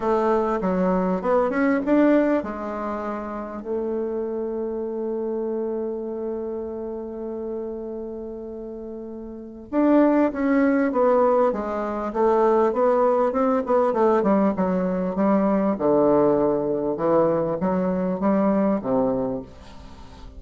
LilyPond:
\new Staff \with { instrumentName = "bassoon" } { \time 4/4 \tempo 4 = 99 a4 fis4 b8 cis'8 d'4 | gis2 a2~ | a1~ | a1 |
d'4 cis'4 b4 gis4 | a4 b4 c'8 b8 a8 g8 | fis4 g4 d2 | e4 fis4 g4 c4 | }